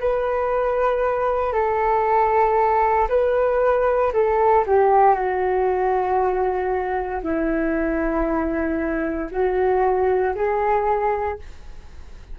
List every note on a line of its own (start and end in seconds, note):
0.00 1.53 B4
1.53 3.08 A4
3.09 4.12 B4
4.13 4.65 A4
4.66 5.14 G4
5.14 7.21 F#4
7.23 9.30 E4
9.31 10.34 F#4
10.35 11.38 G#4